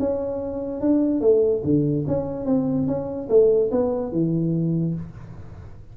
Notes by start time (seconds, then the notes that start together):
0.00 C#4
0.81 D4
1.21 A3
1.64 D3
2.08 C#4
2.46 C4
2.88 C#4
3.30 A3
3.72 B3
4.12 E3